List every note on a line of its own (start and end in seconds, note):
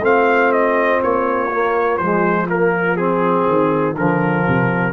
0.00 0.98 A3
0.00 1.51 C4
0.00 4.94 F4
0.00 0.52 F5
0.52 1.02 D#5
1.03 2.00 A#3
1.03 1.98 C#5
1.52 2.01 A#3
1.98 3.47 F3
1.98 2.48 G#3
1.98 2.47 C5
2.48 2.98 A#3
2.48 2.97 A#4
2.97 3.96 C4
2.97 3.95 G#4
3.47 3.96 D#3
3.96 4.45 D3
3.96 4.94 F3
3.96 4.94 A#4
4.48 4.94 C3